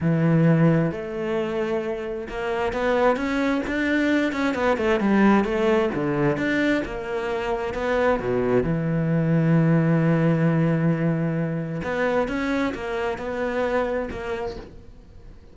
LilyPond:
\new Staff \with { instrumentName = "cello" } { \time 4/4 \tempo 4 = 132 e2 a2~ | a4 ais4 b4 cis'4 | d'4. cis'8 b8 a8 g4 | a4 d4 d'4 ais4~ |
ais4 b4 b,4 e4~ | e1~ | e2 b4 cis'4 | ais4 b2 ais4 | }